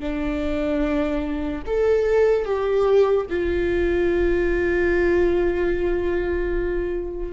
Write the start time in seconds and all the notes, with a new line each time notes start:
0.00 D4
1.66 A4
2.45 G4
3.29 F4